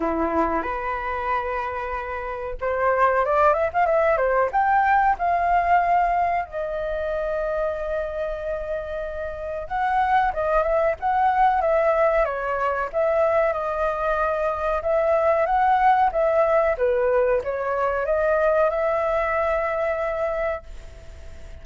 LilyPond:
\new Staff \with { instrumentName = "flute" } { \time 4/4 \tempo 4 = 93 e'4 b'2. | c''4 d''8 e''16 f''16 e''8 c''8 g''4 | f''2 dis''2~ | dis''2. fis''4 |
dis''8 e''8 fis''4 e''4 cis''4 | e''4 dis''2 e''4 | fis''4 e''4 b'4 cis''4 | dis''4 e''2. | }